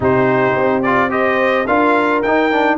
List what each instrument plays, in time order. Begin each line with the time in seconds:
0.00 tuba C3, trombone D#4, horn G4, trumpet C5
0.55 tuba C4
0.82 trombone F4, trumpet D5
1.09 trombone G4, horn C5, trumpet D#5
1.66 tuba D4, trombone F4, horn A#4, trumpet F5
2.22 tuba D#4, trombone D#4, trumpet G5
2.51 trombone D4